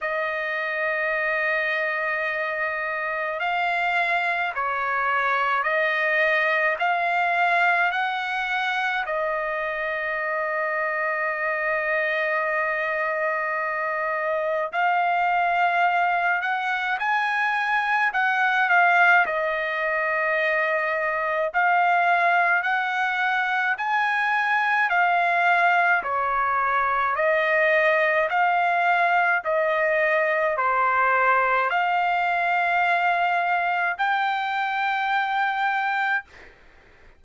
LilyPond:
\new Staff \with { instrumentName = "trumpet" } { \time 4/4 \tempo 4 = 53 dis''2. f''4 | cis''4 dis''4 f''4 fis''4 | dis''1~ | dis''4 f''4. fis''8 gis''4 |
fis''8 f''8 dis''2 f''4 | fis''4 gis''4 f''4 cis''4 | dis''4 f''4 dis''4 c''4 | f''2 g''2 | }